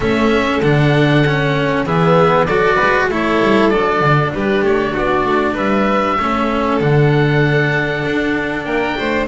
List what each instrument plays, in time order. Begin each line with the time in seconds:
0.00 double bass A3, cello C#4, violin A4, oboe E5
0.61 double bass D3, cello D4, oboe F#5
1.27 cello C#4
1.85 double bass E3, cello B3, violin G#4, oboe E5
2.46 double bass F#3, cello F#4, violin A4, oboe D5
2.75 double bass G#3, violin B4
3.08 double bass A3, cello E4, violin A4, oboe C#5
3.41 double bass G3
3.69 double bass F#3, cello D4, oboe D5
4.00 double bass D3
4.33 double bass G3, violin G4, oboe B4
4.62 double bass A3, oboe C#5
4.93 double bass B3, violin F#4, oboe D5
5.25 double bass A3
5.54 double bass G3, violin B4, oboe E5
6.19 double bass A3, cello C#4, violin A4
6.80 double bass D3, cello D4, oboe F#5
8.05 double bass D4
8.64 double bass A#3, violin A#4, oboe G5
8.97 double bass A3, violin C5